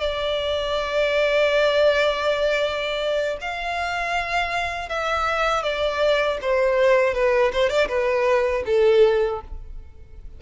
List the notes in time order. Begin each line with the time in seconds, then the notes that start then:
0.00 D5
3.41 F5
4.89 E5
5.63 D5
6.41 C5
7.14 B4
7.52 C5
7.69 D5
7.88 B4
8.66 A4